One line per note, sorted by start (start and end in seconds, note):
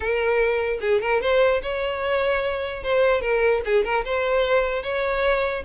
0.00 0.79 A#4
0.81 1.01 G#4
1.01 1.21 A#4
1.21 1.61 C5
1.62 2.83 C#5
2.83 3.21 C5
3.21 3.61 A#4
3.65 3.84 G#4
3.84 4.04 A#4
4.04 4.82 C5
4.82 5.63 C#5